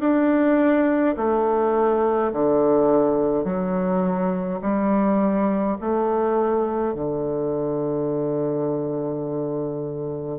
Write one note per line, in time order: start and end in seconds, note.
0.00 1.15 D4
1.17 2.32 A3
2.33 3.45 D3
3.45 4.60 F#3
4.62 5.77 G3
5.81 6.94 A3
6.94 10.39 D3